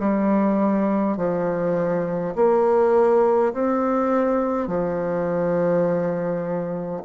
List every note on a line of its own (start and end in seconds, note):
0.00 1.17 G3
1.17 2.35 F3
2.36 3.53 A#3
3.53 4.67 C4
4.67 7.03 F3